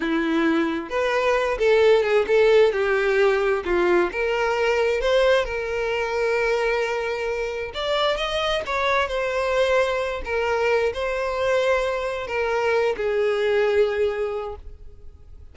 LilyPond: \new Staff \with { instrumentName = "violin" } { \time 4/4 \tempo 4 = 132 e'2 b'4. a'8~ | a'8 gis'8 a'4 g'2 | f'4 ais'2 c''4 | ais'1~ |
ais'4 d''4 dis''4 cis''4 | c''2~ c''8 ais'4. | c''2. ais'4~ | ais'8 gis'2.~ gis'8 | }